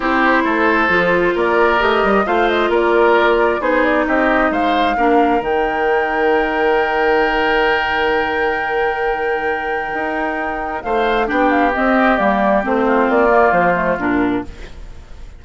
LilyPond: <<
  \new Staff \with { instrumentName = "flute" } { \time 4/4 \tempo 4 = 133 c''2. d''4 | dis''4 f''8 dis''8 d''2 | c''8 d''8 dis''4 f''2 | g''1~ |
g''1~ | g''1 | f''4 g''8 f''8 dis''4 d''4 | c''4 d''4 c''4 ais'4 | }
  \new Staff \with { instrumentName = "oboe" } { \time 4/4 g'4 a'2 ais'4~ | ais'4 c''4 ais'2 | gis'4 g'4 c''4 ais'4~ | ais'1~ |
ais'1~ | ais'1 | c''4 g'2.~ | g'8 f'2.~ f'8 | }
  \new Staff \with { instrumentName = "clarinet" } { \time 4/4 e'2 f'2 | g'4 f'2. | dis'2. d'4 | dis'1~ |
dis'1~ | dis'1~ | dis'4 d'4 c'4 ais4 | c'4. ais4 a8 d'4 | }
  \new Staff \with { instrumentName = "bassoon" } { \time 4/4 c'4 a4 f4 ais4 | a8 g8 a4 ais2 | b4 c'4 gis4 ais4 | dis1~ |
dis1~ | dis2 dis'2 | a4 b4 c'4 g4 | a4 ais4 f4 ais,4 | }
>>